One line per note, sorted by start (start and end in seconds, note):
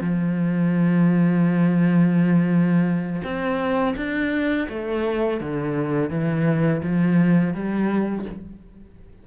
0.00 3.21 F3
3.23 3.94 C4
3.96 4.67 D4
4.69 5.40 A3
5.40 6.10 D3
6.10 6.81 E3
6.82 7.54 F3
7.54 8.25 G3